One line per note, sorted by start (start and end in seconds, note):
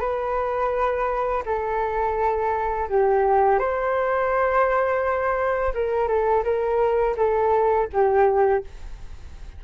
0.00 1.43 B4
1.45 2.88 A4
2.89 3.59 G4
3.59 5.73 C5
5.74 6.08 A#4
6.08 6.44 A4
6.44 7.16 A#4
7.17 7.88 A4
7.93 8.64 G4